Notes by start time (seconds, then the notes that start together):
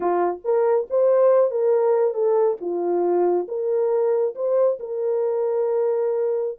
0.00 F4
0.44 A#4
0.90 C5
1.50 A#4
2.14 A4
2.61 F4
3.48 A#4
4.35 C5
4.79 A#4